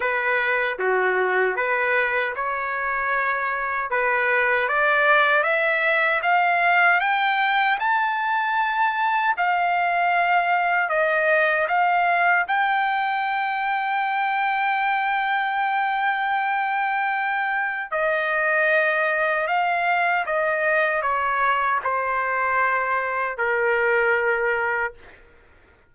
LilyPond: \new Staff \with { instrumentName = "trumpet" } { \time 4/4 \tempo 4 = 77 b'4 fis'4 b'4 cis''4~ | cis''4 b'4 d''4 e''4 | f''4 g''4 a''2 | f''2 dis''4 f''4 |
g''1~ | g''2. dis''4~ | dis''4 f''4 dis''4 cis''4 | c''2 ais'2 | }